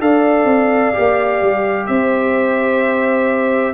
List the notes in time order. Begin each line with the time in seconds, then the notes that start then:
0.00 D4 A4 D5 F5
0.44 C4
0.94 A#3 G4
1.42 G3
1.86 C4 C5 E5